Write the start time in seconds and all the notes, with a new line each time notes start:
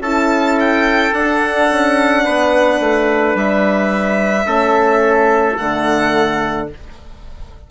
0.00 C#4 E4 A4 A5
0.60 G5
1.12 D4 F#5
1.71 C#4
2.24 B3 B4
2.79 A3
3.34 G3 E5
4.45 A3 C#4 A4
5.56 D3 A3 F#5